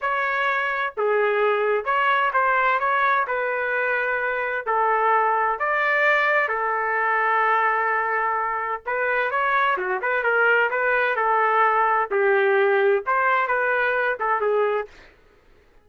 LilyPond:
\new Staff \with { instrumentName = "trumpet" } { \time 4/4 \tempo 4 = 129 cis''2 gis'2 | cis''4 c''4 cis''4 b'4~ | b'2 a'2 | d''2 a'2~ |
a'2. b'4 | cis''4 fis'8 b'8 ais'4 b'4 | a'2 g'2 | c''4 b'4. a'8 gis'4 | }